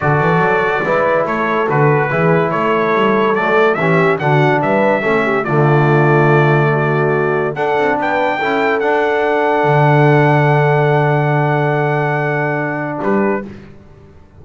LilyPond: <<
  \new Staff \with { instrumentName = "trumpet" } { \time 4/4 \tempo 4 = 143 d''2. cis''4 | b'2 cis''2 | d''4 e''4 fis''4 e''4~ | e''4 d''2.~ |
d''2 fis''4 g''4~ | g''4 fis''2.~ | fis''1~ | fis''2. b'4 | }
  \new Staff \with { instrumentName = "horn" } { \time 4/4 a'2 b'4 a'4~ | a'4 gis'4 a'2~ | a'4 g'4 fis'4 b'4 | a'8 g'8 f'2. |
fis'2 a'4 b'4 | a'1~ | a'1~ | a'2. g'4 | }
  \new Staff \with { instrumentName = "trombone" } { \time 4/4 fis'2 e'2 | fis'4 e'2. | a4 cis'4 d'2 | cis'4 a2.~ |
a2 d'2 | e'4 d'2.~ | d'1~ | d'1 | }
  \new Staff \with { instrumentName = "double bass" } { \time 4/4 d8 e8 fis4 gis4 a4 | d4 e4 a4 g4 | fis4 e4 d4 g4 | a4 d2.~ |
d2 d'8 c'8 b4 | cis'4 d'2 d4~ | d1~ | d2. g4 | }
>>